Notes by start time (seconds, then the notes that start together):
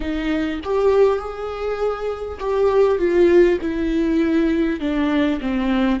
0.00 D#4
0.63 G4
1.18 G#4
2.39 G4
2.98 F4
3.61 E4
4.79 D4
5.40 C4